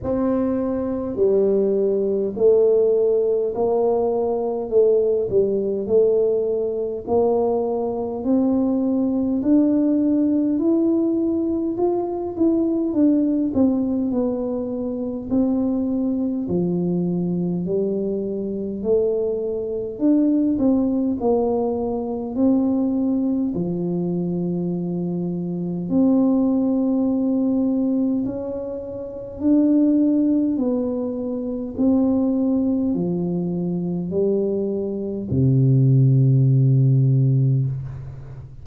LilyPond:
\new Staff \with { instrumentName = "tuba" } { \time 4/4 \tempo 4 = 51 c'4 g4 a4 ais4 | a8 g8 a4 ais4 c'4 | d'4 e'4 f'8 e'8 d'8 c'8 | b4 c'4 f4 g4 |
a4 d'8 c'8 ais4 c'4 | f2 c'2 | cis'4 d'4 b4 c'4 | f4 g4 c2 | }